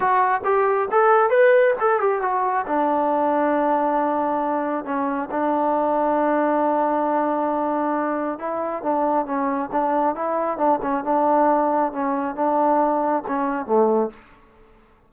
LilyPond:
\new Staff \with { instrumentName = "trombone" } { \time 4/4 \tempo 4 = 136 fis'4 g'4 a'4 b'4 | a'8 g'8 fis'4 d'2~ | d'2. cis'4 | d'1~ |
d'2. e'4 | d'4 cis'4 d'4 e'4 | d'8 cis'8 d'2 cis'4 | d'2 cis'4 a4 | }